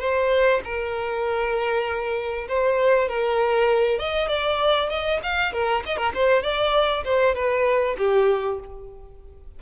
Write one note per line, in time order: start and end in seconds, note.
0.00 0.61 C5
0.65 2.48 A#4
2.49 3.09 C5
3.09 3.99 A#4
3.99 4.29 D#5
4.29 4.90 D5
4.90 5.21 D#5
5.23 5.53 F5
5.53 5.84 A#4
5.86 5.97 D#5
5.97 6.13 A#4
6.15 6.43 C5
6.43 7.04 D5
7.05 7.35 C5
7.35 7.96 B4
7.98 8.60 G4